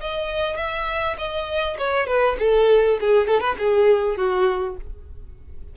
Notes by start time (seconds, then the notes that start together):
0.00 D#5
0.56 E5
1.17 D#5
1.78 C#5
2.06 B4
2.39 A4
3.00 G#4
3.27 A4
3.40 B4
3.58 G#4
4.16 F#4